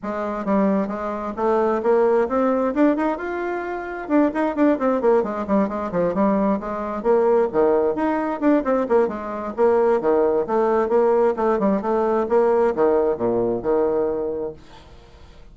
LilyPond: \new Staff \with { instrumentName = "bassoon" } { \time 4/4 \tempo 4 = 132 gis4 g4 gis4 a4 | ais4 c'4 d'8 dis'8 f'4~ | f'4 d'8 dis'8 d'8 c'8 ais8 gis8 | g8 gis8 f8 g4 gis4 ais8~ |
ais8 dis4 dis'4 d'8 c'8 ais8 | gis4 ais4 dis4 a4 | ais4 a8 g8 a4 ais4 | dis4 ais,4 dis2 | }